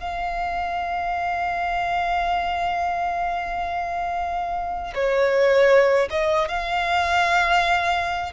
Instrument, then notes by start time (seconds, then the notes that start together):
violin
0.00 F5
4.95 C#5
6.10 D#5
6.48 F5